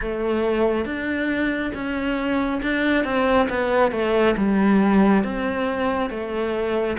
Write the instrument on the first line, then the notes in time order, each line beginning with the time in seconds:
cello
0.01 A3
0.85 D4
1.74 C#4
2.62 D4
3.04 C4
3.49 B3
3.91 A3
4.36 G3
5.23 C4
6.10 A3